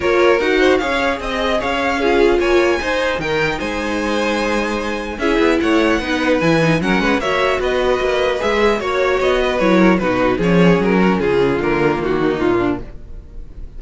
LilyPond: <<
  \new Staff \with { instrumentName = "violin" } { \time 4/4 \tempo 4 = 150 cis''4 fis''4 f''4 dis''4 | f''2 gis''2 | g''4 gis''2.~ | gis''4 e''4 fis''2 |
gis''4 fis''4 e''4 dis''4~ | dis''4 e''4 cis''4 dis''4 | cis''4 b'4 cis''4 ais'4 | gis'4 ais'4 fis'4 f'4 | }
  \new Staff \with { instrumentName = "violin" } { \time 4/4 ais'4. c''8 cis''4 dis''4 | cis''4 gis'4 cis''4 c''4 | ais'4 c''2.~ | c''4 gis'4 cis''4 b'4~ |
b'4 ais'8 b'8 cis''4 b'4~ | b'2 cis''4. b'8~ | b'8 ais'8 fis'4 gis'4. fis'8 | f'2~ f'8 dis'4 d'8 | }
  \new Staff \with { instrumentName = "viola" } { \time 4/4 f'4 fis'4 gis'2~ | gis'4 f'2 dis'4~ | dis'1~ | dis'4 e'2 dis'4 |
e'8 dis'8 cis'4 fis'2~ | fis'4 gis'4 fis'2 | e'4 dis'4 cis'2~ | cis'4 ais2. | }
  \new Staff \with { instrumentName = "cello" } { \time 4/4 ais4 dis'4 cis'4 c'4 | cis'2 ais4 dis'4 | dis4 gis2.~ | gis4 cis'8 b8 a4 b4 |
e4 fis8 gis8 ais4 b4 | ais4 gis4 ais4 b4 | fis4 b,4 f4 fis4 | cis4 d4 dis4 ais,4 | }
>>